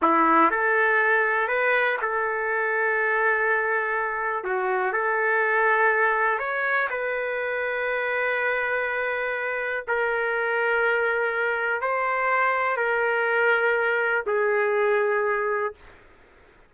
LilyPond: \new Staff \with { instrumentName = "trumpet" } { \time 4/4 \tempo 4 = 122 e'4 a'2 b'4 | a'1~ | a'4 fis'4 a'2~ | a'4 cis''4 b'2~ |
b'1 | ais'1 | c''2 ais'2~ | ais'4 gis'2. | }